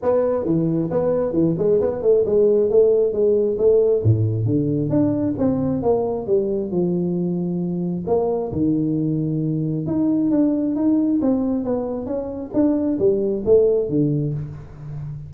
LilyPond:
\new Staff \with { instrumentName = "tuba" } { \time 4/4 \tempo 4 = 134 b4 e4 b4 e8 gis8 | b8 a8 gis4 a4 gis4 | a4 a,4 d4 d'4 | c'4 ais4 g4 f4~ |
f2 ais4 dis4~ | dis2 dis'4 d'4 | dis'4 c'4 b4 cis'4 | d'4 g4 a4 d4 | }